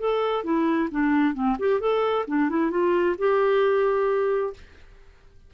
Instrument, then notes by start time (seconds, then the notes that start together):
clarinet
0.00 A4
0.44 E4
0.91 D4
1.35 C4
1.60 G4
1.81 A4
2.28 D4
2.50 E4
2.71 F4
3.19 G4